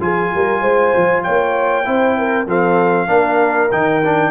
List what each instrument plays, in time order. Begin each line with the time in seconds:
0.00 tuba F3, trombone F4, horn G#4, trumpet G#5
0.35 tuba G3, horn A#4
0.61 tuba G#3, horn C5
0.96 tuba F3
1.23 tuba A#3, horn C#5, trumpet G5
1.85 tuba C4, trombone E4, horn C5
2.18 horn A#4
2.46 tuba F3, trombone C4, horn A4, trumpet F5
3.07 tuba A#3, trombone D4, horn A#4
3.72 tuba D#3, trombone D#4, trumpet G5
4.05 trombone D4